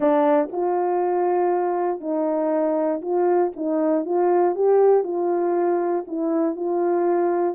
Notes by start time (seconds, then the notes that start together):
0.00 D4
0.52 F4
2.00 D#4
3.01 F4
3.55 D#4
4.05 F4
4.55 G4
5.03 F4
6.07 E4
6.56 F4